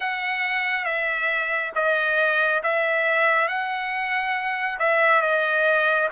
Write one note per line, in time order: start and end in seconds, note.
0.00 0.84 F#5
0.84 1.71 E5
1.75 2.62 D#5
2.63 3.47 E5
3.47 4.78 F#5
4.79 5.21 E5
5.21 6.08 D#5